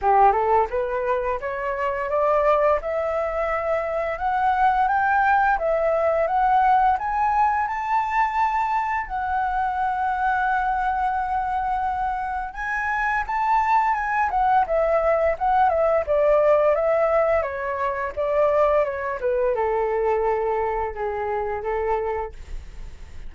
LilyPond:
\new Staff \with { instrumentName = "flute" } { \time 4/4 \tempo 4 = 86 g'8 a'8 b'4 cis''4 d''4 | e''2 fis''4 g''4 | e''4 fis''4 gis''4 a''4~ | a''4 fis''2.~ |
fis''2 gis''4 a''4 | gis''8 fis''8 e''4 fis''8 e''8 d''4 | e''4 cis''4 d''4 cis''8 b'8 | a'2 gis'4 a'4 | }